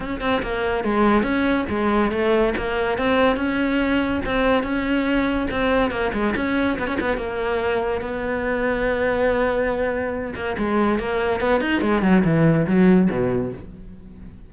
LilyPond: \new Staff \with { instrumentName = "cello" } { \time 4/4 \tempo 4 = 142 cis'8 c'8 ais4 gis4 cis'4 | gis4 a4 ais4 c'4 | cis'2 c'4 cis'4~ | cis'4 c'4 ais8 gis8 cis'4 |
b16 cis'16 b8 ais2 b4~ | b1~ | b8 ais8 gis4 ais4 b8 dis'8 | gis8 fis8 e4 fis4 b,4 | }